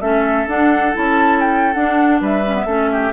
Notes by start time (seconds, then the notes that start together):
0.00 A3 C#4 A4 E5
0.47 D4 F#5
0.93 C#4 E4 A5
1.40 G5
1.73 D4 F#5
2.21 G3 B4 E5
2.46 C#4
2.55 B3
2.65 A3 C#4 A4
2.92 G4